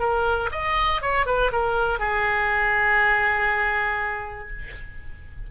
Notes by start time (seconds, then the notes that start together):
0.00 A#4
0.52 D#5
1.02 C#5
1.26 B4
1.52 A#4
2.00 G#4